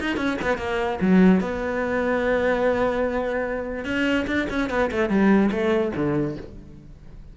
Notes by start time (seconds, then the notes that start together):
0.00 D#4
0.16 C#4
0.42 B3
0.58 A#3
1.01 F#3
1.40 B3
3.84 C#4
4.27 D4
4.50 C#4
4.70 B3
4.91 A3
5.09 G3
5.51 A3
5.95 D3